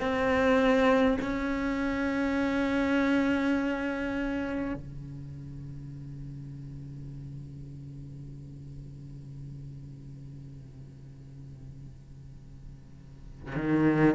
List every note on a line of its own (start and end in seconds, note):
0.00 1.18 C4
1.21 4.74 C#4
4.74 13.56 C#3
13.56 14.14 D#3